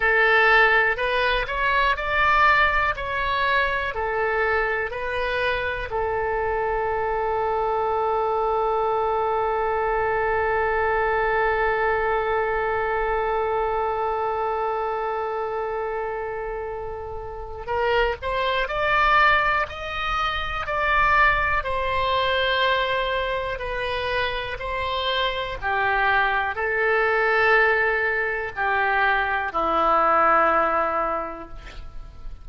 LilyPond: \new Staff \with { instrumentName = "oboe" } { \time 4/4 \tempo 4 = 61 a'4 b'8 cis''8 d''4 cis''4 | a'4 b'4 a'2~ | a'1~ | a'1~ |
a'2 ais'8 c''8 d''4 | dis''4 d''4 c''2 | b'4 c''4 g'4 a'4~ | a'4 g'4 e'2 | }